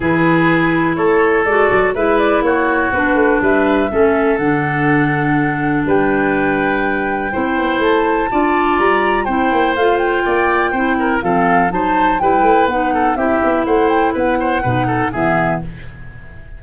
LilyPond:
<<
  \new Staff \with { instrumentName = "flute" } { \time 4/4 \tempo 4 = 123 b'2 cis''4 d''4 | e''8 d''8 cis''4 b'4 e''4~ | e''4 fis''2. | g''1 |
a''2 ais''4 g''4 | f''8 g''2~ g''8 f''4 | a''4 g''4 fis''4 e''4 | fis''8 g''8 fis''2 e''4 | }
  \new Staff \with { instrumentName = "oboe" } { \time 4/4 gis'2 a'2 | b'4 fis'2 b'4 | a'1 | b'2. c''4~ |
c''4 d''2 c''4~ | c''4 d''4 c''8 ais'8 a'4 | c''4 b'4. a'8 g'4 | c''4 b'8 c''8 b'8 a'8 gis'4 | }
  \new Staff \with { instrumentName = "clarinet" } { \time 4/4 e'2. fis'4 | e'2 d'2 | cis'4 d'2.~ | d'2. e'4~ |
e'4 f'2 e'4 | f'2 e'4 c'4 | dis'4 e'4 dis'4 e'4~ | e'2 dis'4 b4 | }
  \new Staff \with { instrumentName = "tuba" } { \time 4/4 e2 a4 gis8 fis8 | gis4 ais4 b8 a8 g4 | a4 d2. | g2. c'8 b8 |
a4 d'4 g4 c'8 ais8 | a4 ais4 c'4 f4 | fis4 g8 a8 b4 c'8 b8 | a4 b4 b,4 e4 | }
>>